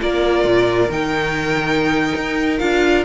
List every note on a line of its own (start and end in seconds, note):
0.00 0.45 A#3
0.00 0.90 F4
0.00 3.05 A#4
0.00 0.92 D5
0.45 0.89 A#2
0.89 2.14 D#3
0.89 2.60 D#4
0.89 2.59 G5
2.16 2.61 D#4
2.59 3.05 D4
2.59 3.05 F4
2.59 3.04 F5